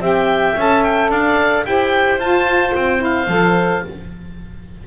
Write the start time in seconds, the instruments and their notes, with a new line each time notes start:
0.00 double bass C4, saxophone G4, clarinet E5
0.06 oboe G5
0.57 double bass C#4, saxophone A4, oboe A5
0.84 oboe G5
1.10 double bass D4, clarinet D5, oboe F5
1.65 double bass E4, saxophone G4, clarinet C5, oboe G5
2.19 double bass F4, saxophone F4, oboe A5
2.75 double bass C4, oboe G5
2.99 saxophone E4, oboe F5
3.28 double bass F3, saxophone A4